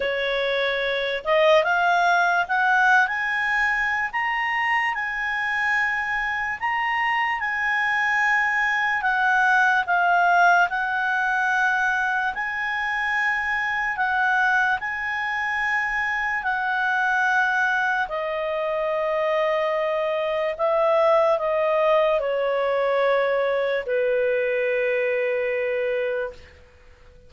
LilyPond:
\new Staff \with { instrumentName = "clarinet" } { \time 4/4 \tempo 4 = 73 cis''4. dis''8 f''4 fis''8. gis''16~ | gis''4 ais''4 gis''2 | ais''4 gis''2 fis''4 | f''4 fis''2 gis''4~ |
gis''4 fis''4 gis''2 | fis''2 dis''2~ | dis''4 e''4 dis''4 cis''4~ | cis''4 b'2. | }